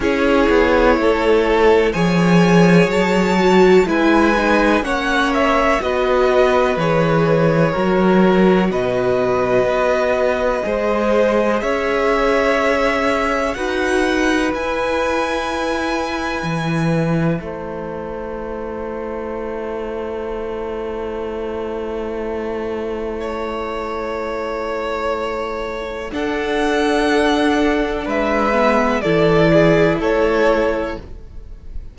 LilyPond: <<
  \new Staff \with { instrumentName = "violin" } { \time 4/4 \tempo 4 = 62 cis''2 gis''4 a''4 | gis''4 fis''8 e''8 dis''4 cis''4~ | cis''4 dis''2. | e''2 fis''4 gis''4~ |
gis''2 a''2~ | a''1~ | a''2. fis''4~ | fis''4 e''4 d''4 cis''4 | }
  \new Staff \with { instrumentName = "violin" } { \time 4/4 gis'4 a'4 cis''2 | b'4 cis''4 b'2 | ais'4 b'2 c''4 | cis''2 b'2~ |
b'2 c''2~ | c''1 | cis''2. a'4~ | a'4 b'4 a'8 gis'8 a'4 | }
  \new Staff \with { instrumentName = "viola" } { \time 4/4 e'2 gis'4. fis'8 | e'8 dis'8 cis'4 fis'4 gis'4 | fis'2. gis'4~ | gis'2 fis'4 e'4~ |
e'1~ | e'1~ | e'2. d'4~ | d'4. b8 e'2 | }
  \new Staff \with { instrumentName = "cello" } { \time 4/4 cis'8 b8 a4 f4 fis4 | gis4 ais4 b4 e4 | fis4 b,4 b4 gis4 | cis'2 dis'4 e'4~ |
e'4 e4 a2~ | a1~ | a2. d'4~ | d'4 gis4 e4 a4 | }
>>